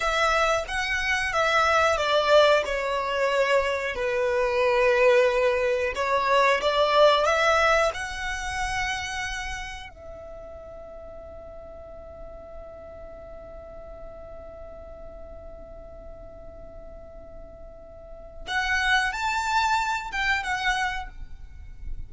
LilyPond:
\new Staff \with { instrumentName = "violin" } { \time 4/4 \tempo 4 = 91 e''4 fis''4 e''4 d''4 | cis''2 b'2~ | b'4 cis''4 d''4 e''4 | fis''2. e''4~ |
e''1~ | e''1~ | e''1 | fis''4 a''4. g''8 fis''4 | }